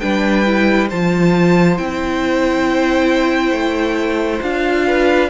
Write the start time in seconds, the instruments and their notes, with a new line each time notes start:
0.00 cello G3, viola D4, violin B4 G5
0.45 viola E4
0.89 cello F3, viola F4, violin C5 A5
1.77 cello C4, viola E4, violin G5
3.52 cello A3
4.42 cello D4, viola F4, violin F5
4.87 violin B4